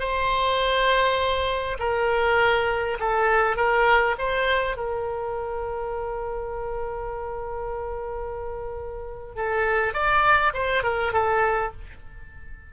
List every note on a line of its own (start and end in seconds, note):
0.00 1.78 C5
1.80 2.98 A#4
3.00 3.57 A4
3.57 4.16 A#4
4.19 4.77 C5
4.77 9.36 A#4
9.36 9.94 A4
9.94 10.53 D5
10.54 10.83 C5
10.83 11.13 A#4
11.13 11.72 A4